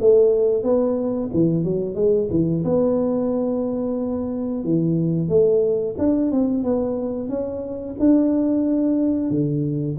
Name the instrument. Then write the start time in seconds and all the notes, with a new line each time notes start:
tuba
0.00 A3
0.63 B3
1.33 E3
1.63 F#3
1.95 G#3
2.30 E3
2.64 B3
4.63 E3
5.28 A3
5.98 D4
6.31 C4
6.63 B3
7.28 C#4
7.99 D4
9.30 D3